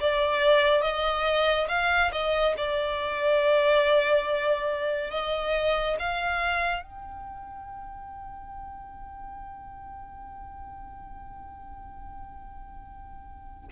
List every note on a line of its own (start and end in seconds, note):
0.00 0.82 D5
0.82 1.68 D#5
1.68 2.11 F5
2.12 2.55 D#5
2.57 5.11 D5
5.11 5.96 D#5
5.99 6.83 F5
6.83 13.69 G5